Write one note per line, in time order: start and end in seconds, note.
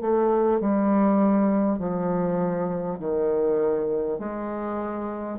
0.00 0.60 A3
0.60 1.78 G3
1.78 2.98 F3
2.99 4.18 D#3
4.18 5.38 G#3